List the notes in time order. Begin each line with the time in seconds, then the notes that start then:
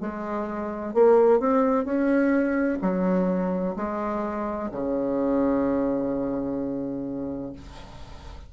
0.00 G#3
0.94 A#3
1.39 C4
1.85 C#4
2.81 F#3
3.75 G#3
4.71 C#3